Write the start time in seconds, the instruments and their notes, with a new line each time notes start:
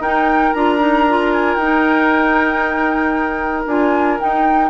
0.00 bassoon D#4, clarinet D#4, oboe A#4, flute G5
0.53 bassoon D4, clarinet F4, flute A#5
0.79 clarinet D#4
1.09 clarinet F4
1.33 flute G#5
1.55 bassoon D#4, clarinet D#4, flute G5
3.67 bassoon D4, clarinet F4, flute G#5
4.19 clarinet D#4, bassoon D#4, flute G5